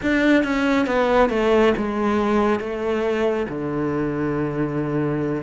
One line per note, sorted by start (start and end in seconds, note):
0.02 0.43 D4
0.43 0.86 C#4
0.86 1.29 B3
1.29 1.73 A3
1.77 2.59 G#3
2.59 3.46 A3
3.48 5.42 D3